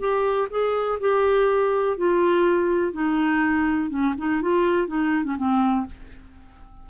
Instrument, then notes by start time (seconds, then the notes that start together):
clarinet
0.00 G4
0.51 G#4
1.01 G4
1.98 F4
2.93 D#4
3.90 C#4
4.18 D#4
4.43 F4
4.88 D#4
5.25 C#4
5.38 C4